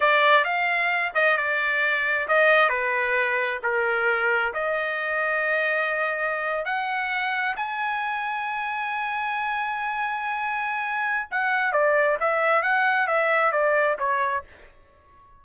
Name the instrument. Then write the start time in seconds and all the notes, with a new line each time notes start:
trumpet
0.00 D5
0.44 F5
1.14 D#5
1.37 D5
2.28 D#5
2.69 B4
3.63 A#4
4.53 D#5
6.65 F#5
7.56 G#5
11.30 F#5
11.72 D5
12.19 E5
12.62 F#5
13.07 E5
13.52 D5
13.98 C#5